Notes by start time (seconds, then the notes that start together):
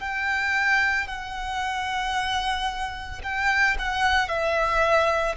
0.00 G5
1.08 F#5
3.23 G5
3.79 F#5
4.29 E5